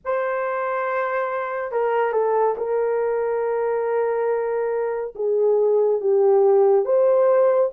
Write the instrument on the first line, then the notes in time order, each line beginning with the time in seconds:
horn
0.04 C5
1.71 A#4
2.12 A4
2.57 A#4
5.15 G#4
6.00 G4
6.85 C5